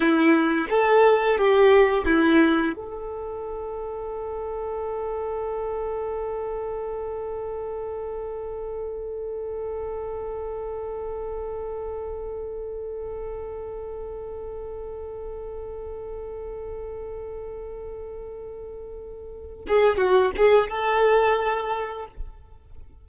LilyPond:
\new Staff \with { instrumentName = "violin" } { \time 4/4 \tempo 4 = 87 e'4 a'4 g'4 e'4 | a'1~ | a'1~ | a'1~ |
a'1~ | a'1~ | a'1~ | a'8 gis'8 fis'8 gis'8 a'2 | }